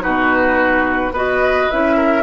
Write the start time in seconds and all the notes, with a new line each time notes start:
0.00 B2 D#4 F#4 B4
1.11 B3 F#4 B4 D#5
1.70 C#4 E4 E5
1.97 A#4